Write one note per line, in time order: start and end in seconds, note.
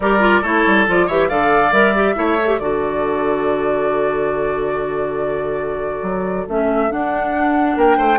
0.00 0.42 G3
0.00 0.20 G4
0.00 0.41 A#4
0.00 0.43 D5
0.20 0.41 F4
0.41 0.64 A3
0.41 0.87 E4
0.41 1.06 A4
0.41 0.86 C#5
0.66 0.87 G3
0.87 1.08 F3
0.87 1.08 F4
0.87 1.08 D5
1.06 1.29 E3
1.06 1.30 G4
1.06 1.28 C#5
1.06 1.29 E5
1.28 1.72 D3
1.28 1.72 A4
1.28 2.14 D5
1.28 1.72 F5
1.72 2.15 G3
1.72 1.94 A#4
1.72 2.59 E5
1.95 2.15 G4
2.15 2.59 A3
2.15 2.37 E4
2.15 2.60 C#5
2.41 2.48 A4
2.48 2.59 G4
2.59 6.02 D3
2.59 6.49 F#4
2.59 7.76 A4
2.59 6.47 D5
6.02 6.45 F#3
6.48 6.91 A3
6.48 6.89 C#4
6.48 6.91 E5
6.89 8.18 D4
6.89 7.76 D4
6.89 7.77 F#5
7.76 7.97 A#3
7.76 7.97 A#4
7.76 8.18 G5
7.97 8.18 A3
7.97 8.18 C5